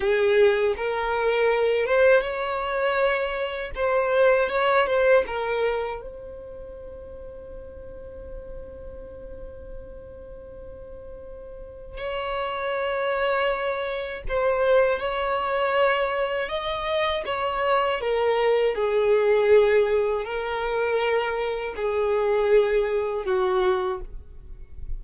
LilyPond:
\new Staff \with { instrumentName = "violin" } { \time 4/4 \tempo 4 = 80 gis'4 ais'4. c''8 cis''4~ | cis''4 c''4 cis''8 c''8 ais'4 | c''1~ | c''1 |
cis''2. c''4 | cis''2 dis''4 cis''4 | ais'4 gis'2 ais'4~ | ais'4 gis'2 fis'4 | }